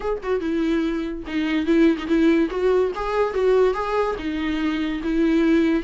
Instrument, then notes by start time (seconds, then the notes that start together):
viola
0.00 G#4
0.22 F#4
0.40 E4
1.26 D#4
1.66 E4
1.98 D#4
2.07 E4
2.50 F#4
2.95 G#4
3.34 F#4
3.73 G#4
4.18 D#4
5.03 E4